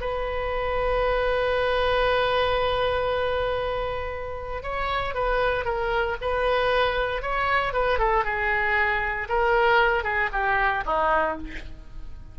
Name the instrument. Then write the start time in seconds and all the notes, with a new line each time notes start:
oboe
0.00 B4
4.62 C#5
5.14 B4
5.64 A#4
6.21 B4
7.22 C#5
7.73 B4
7.98 A4
8.24 G#4
9.28 A#4
10.03 G#4
10.32 G4
10.86 D#4